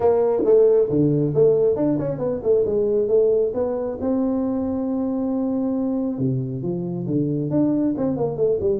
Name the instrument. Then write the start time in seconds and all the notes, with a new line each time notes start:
tuba
0.00 A#3
0.44 A3
0.89 D3
1.34 A3
1.75 D4
1.98 C#4
2.18 B3
2.42 A3
2.65 G#3
3.08 A3
3.54 B3
4.00 C4
6.18 C3
6.62 F3
7.06 D3
7.50 D4
7.97 C4
8.17 A#3
8.36 A3
8.60 G3